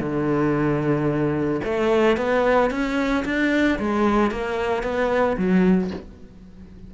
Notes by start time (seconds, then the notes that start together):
0.00 D3
1.64 A3
2.17 B3
2.71 C#4
3.25 D4
3.79 G#3
4.31 A#3
4.83 B3
5.37 F#3